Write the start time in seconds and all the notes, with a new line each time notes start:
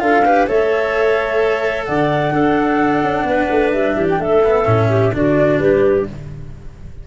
0.00 D4 F4 A4 F5
0.25 G4 B4
0.47 A3 A4 C#5 E5
1.84 D3 D5 F#5
2.31 D4 A4
3.03 C#4
3.24 B3 B4
3.51 A3
3.72 G3 E5
3.96 E3 G4
4.10 G5
4.19 A3 A4 E5
4.44 B3
4.65 A2 C#4
4.89 G4
5.14 D3 D4 F#4 D5
5.59 G3 G4 B4